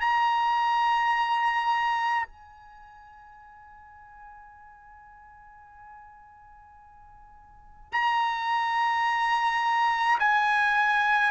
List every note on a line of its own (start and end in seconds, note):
0.00 2.26 A#5
2.26 7.92 G#5
7.92 10.18 A#5
10.19 11.31 G#5